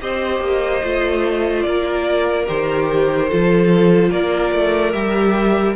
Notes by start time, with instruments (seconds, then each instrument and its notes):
0.00 cello C4, viola G4, violin C5 D#5
0.40 cello A#3
0.83 cello A3, viola F4
1.62 cello A#3, violin A#4 D5
2.46 cello D#3, viola G4, violin C5
3.28 cello F3, viola F4, violin A4
4.10 cello A#3, violin A#4 D5
4.52 cello A3
4.92 cello G3, viola G4, violin E5